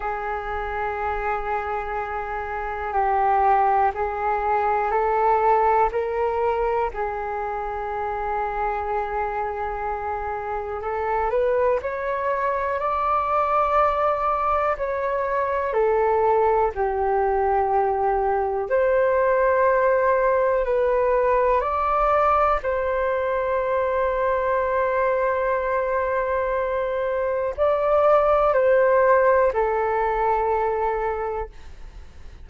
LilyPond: \new Staff \with { instrumentName = "flute" } { \time 4/4 \tempo 4 = 61 gis'2. g'4 | gis'4 a'4 ais'4 gis'4~ | gis'2. a'8 b'8 | cis''4 d''2 cis''4 |
a'4 g'2 c''4~ | c''4 b'4 d''4 c''4~ | c''1 | d''4 c''4 a'2 | }